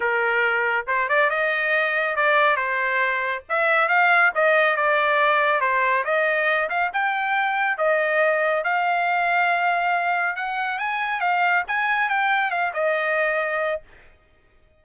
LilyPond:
\new Staff \with { instrumentName = "trumpet" } { \time 4/4 \tempo 4 = 139 ais'2 c''8 d''8 dis''4~ | dis''4 d''4 c''2 | e''4 f''4 dis''4 d''4~ | d''4 c''4 dis''4. f''8 |
g''2 dis''2 | f''1 | fis''4 gis''4 f''4 gis''4 | g''4 f''8 dis''2~ dis''8 | }